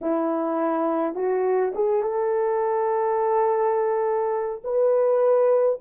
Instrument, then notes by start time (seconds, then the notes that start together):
horn
0.01 E4
1.14 F#4
1.74 G#4
2.02 A4
4.64 B4